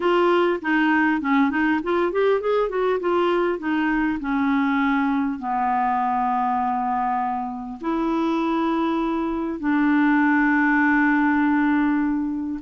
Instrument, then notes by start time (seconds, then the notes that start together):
clarinet
0.00 F4
0.61 D#4
1.21 C#4
1.50 D#4
1.83 F4
2.12 G4
2.41 G#4
2.69 F#4
3.00 F4
3.58 D#4
4.20 C#4
5.39 B3
7.80 E4
9.59 D4